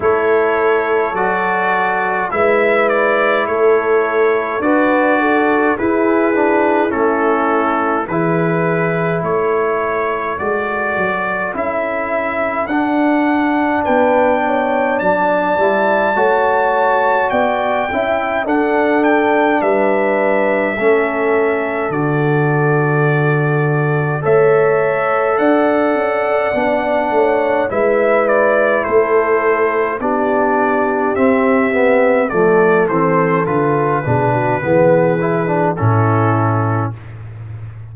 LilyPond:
<<
  \new Staff \with { instrumentName = "trumpet" } { \time 4/4 \tempo 4 = 52 cis''4 d''4 e''8 d''8 cis''4 | d''4 b'4 a'4 b'4 | cis''4 d''4 e''4 fis''4 | g''4 a''2 g''4 |
fis''8 g''8 e''2 d''4~ | d''4 e''4 fis''2 | e''8 d''8 c''4 d''4 e''4 | d''8 c''8 b'2 a'4 | }
  \new Staff \with { instrumentName = "horn" } { \time 4/4 a'2 b'4 a'4 | b'8 a'8 gis'4 e'4 gis'4 | a'1 | b'8 cis''8 d''4 cis''4 d''8 e''8 |
a'4 b'4 a'2~ | a'4 cis''4 d''4. cis''8 | b'4 a'4 g'2 | a'4. gis'16 fis'16 gis'4 e'4 | }
  \new Staff \with { instrumentName = "trombone" } { \time 4/4 e'4 fis'4 e'2 | fis'4 e'8 d'8 cis'4 e'4~ | e'4 fis'4 e'4 d'4~ | d'4. e'8 fis'4. e'8 |
d'2 cis'4 fis'4~ | fis'4 a'2 d'4 | e'2 d'4 c'8 b8 | a8 c'8 f'8 d'8 b8 e'16 d'16 cis'4 | }
  \new Staff \with { instrumentName = "tuba" } { \time 4/4 a4 fis4 gis4 a4 | d'4 e'4 a4 e4 | a4 gis8 fis8 cis'4 d'4 | b4 fis8 g8 a4 b8 cis'8 |
d'4 g4 a4 d4~ | d4 a4 d'8 cis'8 b8 a8 | gis4 a4 b4 c'4 | f8 e8 d8 b,8 e4 a,4 | }
>>